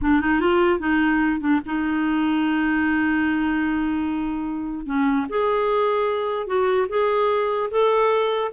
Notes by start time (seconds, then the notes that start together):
0.01 D4
0.21 D#4
0.40 F4
0.79 D#4
1.40 D4
1.65 D#4
4.86 C#4
5.29 G#4
6.46 F#4
6.88 G#4
7.70 A4